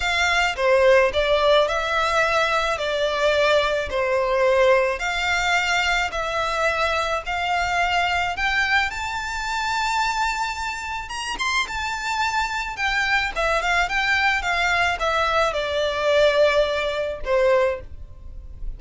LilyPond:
\new Staff \with { instrumentName = "violin" } { \time 4/4 \tempo 4 = 108 f''4 c''4 d''4 e''4~ | e''4 d''2 c''4~ | c''4 f''2 e''4~ | e''4 f''2 g''4 |
a''1 | ais''8 c'''8 a''2 g''4 | e''8 f''8 g''4 f''4 e''4 | d''2. c''4 | }